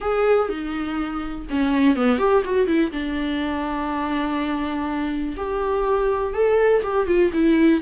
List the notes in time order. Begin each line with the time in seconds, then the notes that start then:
0.00 G#4
0.49 D#4
1.50 C#4
1.96 B3
2.18 G4
2.44 F#4
2.66 E4
2.91 D4
5.36 G4
6.34 A4
6.83 G4
7.06 F4
7.33 E4